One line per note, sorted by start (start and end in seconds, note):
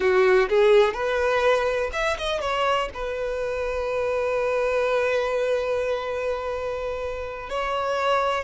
0.00 0.48 F#4
0.49 0.93 G#4
0.93 1.90 B4
1.92 2.17 E5
2.18 2.40 D#5
2.40 2.89 C#5
2.94 7.49 B4
7.49 8.43 C#5